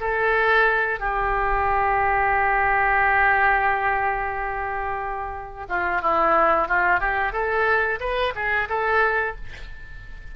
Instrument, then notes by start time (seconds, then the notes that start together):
oboe
0.00 A4
0.99 G4
5.69 F4
6.02 E4
6.68 F4
7.00 G4
7.32 A4
8.00 B4
8.35 G#4
8.69 A4